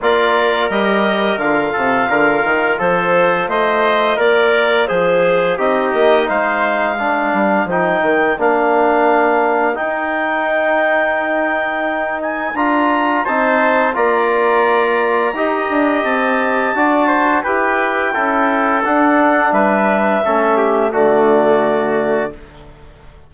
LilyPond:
<<
  \new Staff \with { instrumentName = "clarinet" } { \time 4/4 \tempo 4 = 86 d''4 dis''4 f''2 | c''4 dis''4 d''4 c''4 | dis''4 f''2 g''4 | f''2 g''2~ |
g''4. gis''8 ais''4 a''4 | ais''2. a''4~ | a''4 g''2 fis''4 | e''2 d''2 | }
  \new Staff \with { instrumentName = "trumpet" } { \time 4/4 ais'2~ ais'8 a'8 ais'4 | a'4 c''4 ais'4 gis'4 | g'4 c''4 ais'2~ | ais'1~ |
ais'2. c''4 | d''2 dis''2 | d''8 c''8 b'4 a'2 | b'4 a'8 g'8 fis'2 | }
  \new Staff \with { instrumentName = "trombone" } { \time 4/4 f'4 g'4 f'2~ | f'1 | dis'2 d'4 dis'4 | d'2 dis'2~ |
dis'2 f'4 dis'4 | f'2 g'2 | fis'4 g'4 e'4 d'4~ | d'4 cis'4 a2 | }
  \new Staff \with { instrumentName = "bassoon" } { \time 4/4 ais4 g4 d8 c8 d8 dis8 | f4 a4 ais4 f4 | c'8 ais8 gis4. g8 f8 dis8 | ais2 dis'2~ |
dis'2 d'4 c'4 | ais2 dis'8 d'8 c'4 | d'4 e'4 cis'4 d'4 | g4 a4 d2 | }
>>